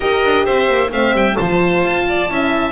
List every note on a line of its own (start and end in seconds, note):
0.00 0.23 D#4
0.00 0.90 G4
0.00 0.44 A#4
0.00 0.45 D#5
0.24 0.47 D4
0.44 0.68 C4
0.44 0.90 C5
0.44 0.91 E5
0.68 0.91 A#3
0.90 1.13 A3
0.90 1.36 C4
0.90 1.37 E5
0.90 1.15 F5
1.13 1.35 G3
1.13 1.36 G5
1.36 1.84 F3
1.36 2.28 F4
1.36 2.05 C5
1.36 2.72 A5
1.84 2.29 F4
2.08 2.31 D5
2.28 2.72 C#4
2.28 2.72 E4
2.28 2.72 E5